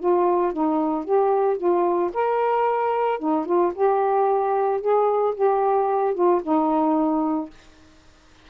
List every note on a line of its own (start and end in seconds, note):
0.00 0.53 F4
0.53 1.05 D#4
1.05 1.58 G4
1.58 2.11 F4
2.14 3.19 A#4
3.19 3.46 D#4
3.46 3.73 F4
3.75 4.81 G4
4.81 5.35 G#4
5.35 6.15 G4
6.15 6.42 F4
6.43 7.50 D#4